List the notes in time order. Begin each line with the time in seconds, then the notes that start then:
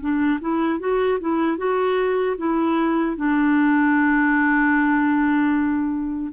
0.00 D4
0.41 E4
0.79 F#4
1.20 E4
1.58 F#4
2.37 E4
3.17 D4